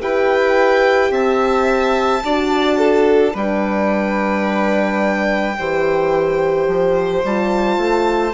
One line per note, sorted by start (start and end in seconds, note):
0.00 1.10 E4
0.00 2.22 G4
0.00 1.11 B4
0.00 1.13 G5
1.10 2.22 C4
1.10 2.22 E5
1.10 3.36 A5
2.23 3.34 D4
2.23 3.34 F#4
2.23 2.78 D5
2.78 3.33 A4
3.33 5.57 G3
3.33 5.57 D4
3.33 5.55 B4
3.33 7.25 G5
5.58 6.67 E3
5.58 7.26 G4
5.58 8.34 C5
6.67 7.23 F3
7.23 7.77 G3
7.23 8.34 F4
7.23 8.34 A5
7.77 8.33 A3